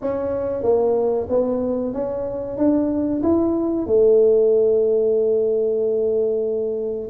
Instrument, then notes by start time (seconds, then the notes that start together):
tuba
0.01 C#4
0.62 A#3
1.29 B3
1.93 C#4
2.57 D4
3.22 E4
3.86 A3